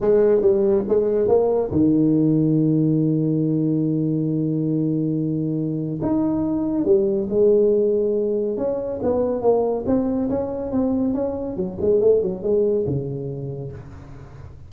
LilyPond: \new Staff \with { instrumentName = "tuba" } { \time 4/4 \tempo 4 = 140 gis4 g4 gis4 ais4 | dis1~ | dis1~ | dis2 dis'2 |
g4 gis2. | cis'4 b4 ais4 c'4 | cis'4 c'4 cis'4 fis8 gis8 | a8 fis8 gis4 cis2 | }